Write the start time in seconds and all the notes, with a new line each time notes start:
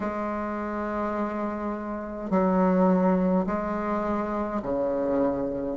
0.00 G#3
2.30 F#3
3.46 G#3
4.62 C#3